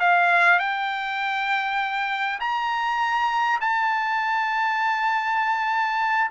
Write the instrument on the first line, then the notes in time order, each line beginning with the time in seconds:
trumpet
0.00 F5
0.59 G5
2.41 A#5
3.61 A5